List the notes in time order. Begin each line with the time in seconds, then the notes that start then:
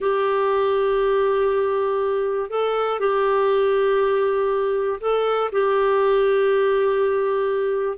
0.00 G4
2.50 A4
2.99 G4
5.00 A4
5.52 G4